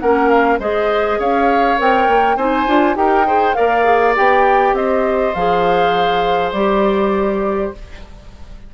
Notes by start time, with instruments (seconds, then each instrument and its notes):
0.00 bassoon A#3, clarinet C#4, oboe A#4, flute F#5
0.29 flute F5
0.59 bassoon G#3, clarinet G#4, oboe C5, flute D#5
1.20 bassoon C#4, oboe C#5, flute F5
1.78 bassoon C4, clarinet A#4, flute G5
2.08 bassoon A#3
2.37 bassoon C4, clarinet D#4, oboe C5, flute G#5
2.67 bassoon D4, clarinet F4
2.95 bassoon D#4, clarinet G4, oboe A#4, flute G5
3.27 clarinet G#4, oboe C5
3.55 bassoon A#3, clarinet A#4, oboe D5, flute F5
3.85 clarinet G#4
4.15 bassoon B3, clarinet G4, flute G5
4.73 bassoon C4, oboe C5, flute D#5
5.35 bassoon F3, clarinet G#4, flute F5
6.52 bassoon G3, clarinet G4, flute D5